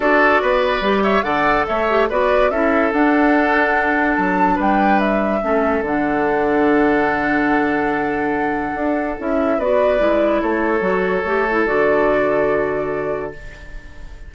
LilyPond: <<
  \new Staff \with { instrumentName = "flute" } { \time 4/4 \tempo 4 = 144 d''2~ d''8 e''8 fis''4 | e''4 d''4 e''4 fis''4~ | fis''2 a''4 g''4 | e''2 fis''2~ |
fis''1~ | fis''2 e''4 d''4~ | d''4 cis''2. | d''1 | }
  \new Staff \with { instrumentName = "oboe" } { \time 4/4 a'4 b'4. cis''8 d''4 | cis''4 b'4 a'2~ | a'2. b'4~ | b'4 a'2.~ |
a'1~ | a'2. b'4~ | b'4 a'2.~ | a'1 | }
  \new Staff \with { instrumentName = "clarinet" } { \time 4/4 fis'2 g'4 a'4~ | a'8 g'8 fis'4 e'4 d'4~ | d'1~ | d'4 cis'4 d'2~ |
d'1~ | d'2 e'4 fis'4 | e'2 fis'4 g'8 e'8 | fis'1 | }
  \new Staff \with { instrumentName = "bassoon" } { \time 4/4 d'4 b4 g4 d4 | a4 b4 cis'4 d'4~ | d'2 fis4 g4~ | g4 a4 d2~ |
d1~ | d4 d'4 cis'4 b4 | gis4 a4 fis4 a4 | d1 | }
>>